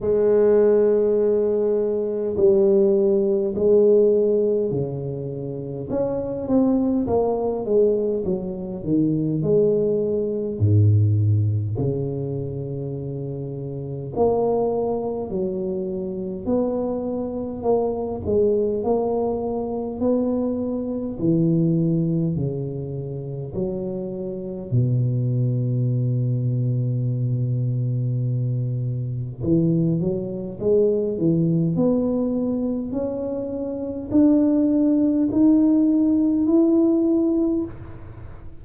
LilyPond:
\new Staff \with { instrumentName = "tuba" } { \time 4/4 \tempo 4 = 51 gis2 g4 gis4 | cis4 cis'8 c'8 ais8 gis8 fis8 dis8 | gis4 gis,4 cis2 | ais4 fis4 b4 ais8 gis8 |
ais4 b4 e4 cis4 | fis4 b,2.~ | b,4 e8 fis8 gis8 e8 b4 | cis'4 d'4 dis'4 e'4 | }